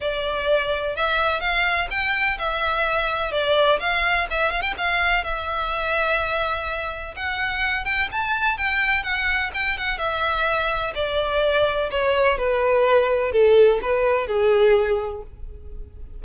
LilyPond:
\new Staff \with { instrumentName = "violin" } { \time 4/4 \tempo 4 = 126 d''2 e''4 f''4 | g''4 e''2 d''4 | f''4 e''8 f''16 g''16 f''4 e''4~ | e''2. fis''4~ |
fis''8 g''8 a''4 g''4 fis''4 | g''8 fis''8 e''2 d''4~ | d''4 cis''4 b'2 | a'4 b'4 gis'2 | }